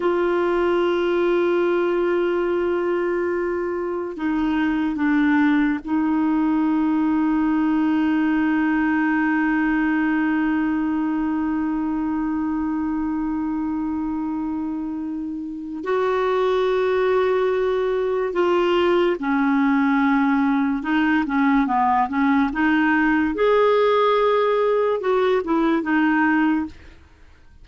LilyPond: \new Staff \with { instrumentName = "clarinet" } { \time 4/4 \tempo 4 = 72 f'1~ | f'4 dis'4 d'4 dis'4~ | dis'1~ | dis'1~ |
dis'2. fis'4~ | fis'2 f'4 cis'4~ | cis'4 dis'8 cis'8 b8 cis'8 dis'4 | gis'2 fis'8 e'8 dis'4 | }